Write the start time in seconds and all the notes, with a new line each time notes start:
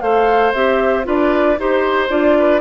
0.00 A3 A4 C5 F5
0.52 C4 G4 E5
1.03 D4 F4 B4 D5
1.58 D#4 G4 C5
2.09 D4 F4 D5
2.39 B4